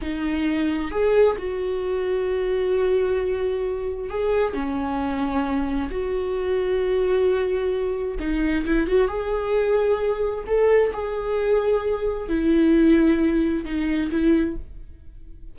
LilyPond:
\new Staff \with { instrumentName = "viola" } { \time 4/4 \tempo 4 = 132 dis'2 gis'4 fis'4~ | fis'1~ | fis'4 gis'4 cis'2~ | cis'4 fis'2.~ |
fis'2 dis'4 e'8 fis'8 | gis'2. a'4 | gis'2. e'4~ | e'2 dis'4 e'4 | }